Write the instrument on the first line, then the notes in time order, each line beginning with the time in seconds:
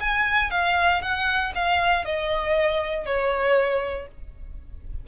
violin
0.00 G#5
0.51 F5
1.02 F#5
1.55 F5
2.05 D#5
3.06 C#5